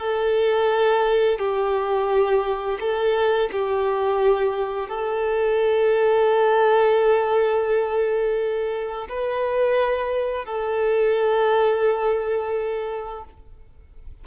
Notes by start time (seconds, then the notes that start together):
0.00 A4
1.39 G4
2.80 A4
3.52 G4
4.89 A4
9.10 B4
10.46 A4